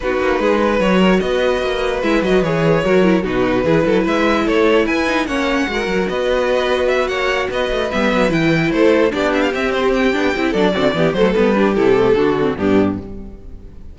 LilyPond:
<<
  \new Staff \with { instrumentName = "violin" } { \time 4/4 \tempo 4 = 148 b'2 cis''4 dis''4~ | dis''4 e''8 dis''8 cis''2 | b'2 e''4 cis''4 | gis''4 fis''2 dis''4~ |
dis''4 e''8 fis''4 dis''4 e''8~ | e''8 g''4 c''4 d''8 e''16 f''16 e''8 | c''8 g''4. d''4. c''8 | b'4 a'2 g'4 | }
  \new Staff \with { instrumentName = "violin" } { \time 4/4 fis'4 gis'8 b'4 ais'8 b'4~ | b'2. ais'4 | fis'4 gis'8 a'8 b'4 a'4 | b'4 cis''4 ais'4 b'4~ |
b'4. cis''4 b'4.~ | b'4. a'4 g'4.~ | g'2 a'8 fis'8 g'8 a'8~ | a'8 g'4. fis'4 d'4 | }
  \new Staff \with { instrumentName = "viola" } { \time 4/4 dis'2 fis'2~ | fis'4 e'8 fis'8 gis'4 fis'8 e'8 | dis'4 e'2.~ | e'8 dis'8 cis'4 fis'2~ |
fis'2.~ fis'8 b8~ | b8 e'2 d'4 c'8~ | c'4 d'8 e'8 d'8 c'8 b8 a8 | b8 d'8 e'8 a8 d'8 c'8 b4 | }
  \new Staff \with { instrumentName = "cello" } { \time 4/4 b8 ais8 gis4 fis4 b4 | ais4 gis8 fis8 e4 fis4 | b,4 e8 fis8 gis4 a4 | e'4 ais4 gis8 fis8 b4~ |
b4. ais4 b8 a8 g8 | fis8 e4 a4 b4 c'8~ | c'4 b8 c'8 fis8 d8 e8 fis8 | g4 c4 d4 g,4 | }
>>